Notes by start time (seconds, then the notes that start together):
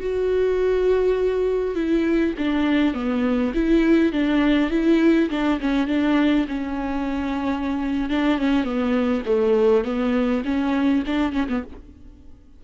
0.00 F#4
1.75 E4
2.38 D4
2.94 B3
3.54 E4
4.13 D4
4.71 E4
5.30 D4
5.60 C#4
5.87 D4
6.48 C#4
8.10 D4
8.39 C#4
8.64 B3
9.26 A3
9.84 B3
10.45 C#4
11.06 D4
11.33 C#4
11.49 B3